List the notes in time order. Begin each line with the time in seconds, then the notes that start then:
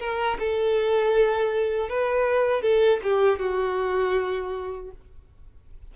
0.00 A#4
0.40 A4
1.90 B4
2.63 A4
3.04 G4
3.40 F#4